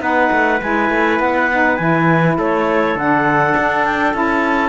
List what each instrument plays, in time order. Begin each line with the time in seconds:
0.00 cello B3, saxophone D#4, trumpet B4, clarinet F#5
0.32 cello A3
0.62 cello G#3, saxophone E4, clarinet G#5
0.90 cello A3
1.19 cello B3, clarinet F#5
1.51 saxophone D#4
1.77 cello E3, saxophone E4, clarinet G#5
2.38 cello A3, trumpet A4, clarinet C#5
2.95 cello D3, saxophone D4, clarinet F#5
3.57 cello D4
3.85 clarinet G5
4.13 cello C#4, saxophone E4, clarinet A5